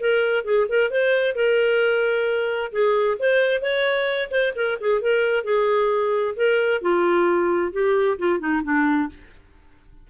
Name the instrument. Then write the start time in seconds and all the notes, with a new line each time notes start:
clarinet
0.00 A#4
0.44 G#4
0.69 A#4
0.90 C5
1.35 A#4
2.72 G#4
3.19 C5
3.62 C#5
4.31 C5
4.56 A#4
4.80 G#4
5.01 A#4
5.44 G#4
6.36 A#4
6.81 F4
7.72 G4
8.18 F4
8.39 D#4
8.63 D4